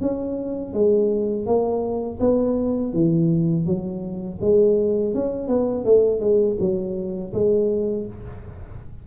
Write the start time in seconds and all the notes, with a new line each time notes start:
0.00 C#4
0.73 G#3
1.46 A#3
2.20 B3
2.93 E3
3.66 F#3
4.41 G#3
5.14 C#4
5.47 B3
5.84 A3
6.20 G#3
6.60 F#3
7.33 G#3